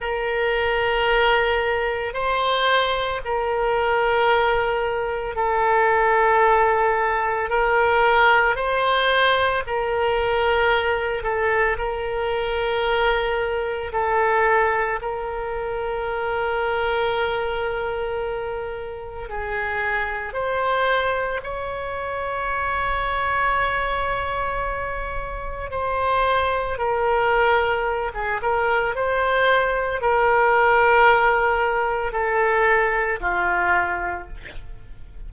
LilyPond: \new Staff \with { instrumentName = "oboe" } { \time 4/4 \tempo 4 = 56 ais'2 c''4 ais'4~ | ais'4 a'2 ais'4 | c''4 ais'4. a'8 ais'4~ | ais'4 a'4 ais'2~ |
ais'2 gis'4 c''4 | cis''1 | c''4 ais'4~ ais'16 gis'16 ais'8 c''4 | ais'2 a'4 f'4 | }